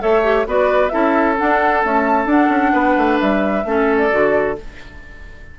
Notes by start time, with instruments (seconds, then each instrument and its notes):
0.00 bassoon A3, clarinet A4, oboe C#5, flute E5
0.23 clarinet G4
0.47 bassoon B3, clarinet F#4, oboe B4, flute D5
0.89 bassoon C#4, clarinet E4, oboe A4, flute E5
1.38 clarinet D4, bassoon D4, flute F#5
1.83 clarinet A3, bassoon C#4, flute A5
2.26 bassoon D4, clarinet D4, flute F#5
2.49 bassoon C#4
2.73 bassoon B3, oboe B4
2.98 bassoon A3
3.19 bassoon G3, flute E5
3.65 bassoon A3, clarinet C#4, oboe A4
3.98 flute D5
4.11 bassoon D3, clarinet F#4